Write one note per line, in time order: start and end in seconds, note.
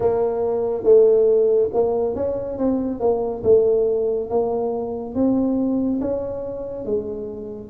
0.00 0.83 A#3
0.83 1.69 A3
1.73 2.15 A#3
2.15 2.58 C#4
2.58 3.00 C4
3.00 3.42 A#3
3.43 4.29 A3
4.29 5.14 A#3
5.14 6.00 C4
6.00 6.85 C#4
6.85 7.70 G#3